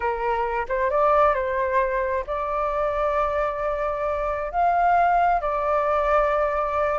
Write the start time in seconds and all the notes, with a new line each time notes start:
0.00 A#4
0.68 C5
0.90 D5
1.34 C5
2.27 D5
4.51 F5
5.41 D5